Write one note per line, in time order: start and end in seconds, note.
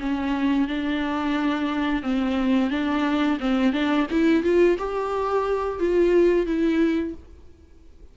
0.00 0.68 C#4
0.68 2.03 D4
2.03 2.70 C4
2.70 3.38 D4
3.40 3.73 C4
3.73 4.07 D4
4.11 4.43 E4
4.43 4.78 F4
4.78 5.80 G4
5.80 6.46 F4
6.46 7.14 E4